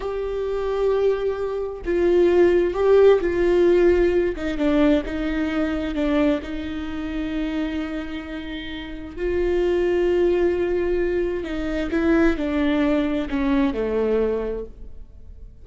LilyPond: \new Staff \with { instrumentName = "viola" } { \time 4/4 \tempo 4 = 131 g'1 | f'2 g'4 f'4~ | f'4. dis'8 d'4 dis'4~ | dis'4 d'4 dis'2~ |
dis'1 | f'1~ | f'4 dis'4 e'4 d'4~ | d'4 cis'4 a2 | }